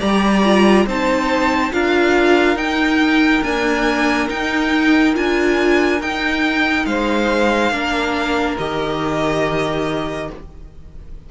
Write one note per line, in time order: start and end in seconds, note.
0.00 0.86 G3
0.00 0.43 G4
0.00 0.86 D5
0.00 0.86 A#5
0.44 0.87 F4
0.86 1.72 C4
0.86 1.72 D#4
0.86 1.73 C5
0.86 1.73 A5
1.72 2.56 D4
1.72 2.56 F4
1.72 6.88 A#4
1.72 2.57 F5
2.56 3.42 D#4
2.56 3.43 G5
3.43 4.29 A#3
3.43 4.29 D4
3.43 4.29 G#5
4.29 5.13 D#4
4.29 5.16 D#4
4.29 5.15 G5
5.13 6.01 D4
5.13 5.99 F4
5.13 6.02 G#5
6.01 6.86 D#4
6.01 7.73 D#4
6.01 6.86 G5
6.86 7.71 G#3
6.86 7.73 C5
6.86 8.57 F5
7.71 8.57 A#3
7.71 8.58 D4
7.71 10.30 A#4
8.59 10.30 D#3
8.59 10.31 G4
8.59 10.30 D#5